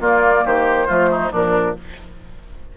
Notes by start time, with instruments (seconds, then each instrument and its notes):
0.00 bassoon A#3, clarinet A#3, oboe F4, flute D5
0.45 bassoon D#3, oboe G4, flute C5
0.87 bassoon F3, clarinet A3, oboe F4
1.11 oboe D#4
1.31 bassoon A#2, clarinet F3, oboe D4, flute A#4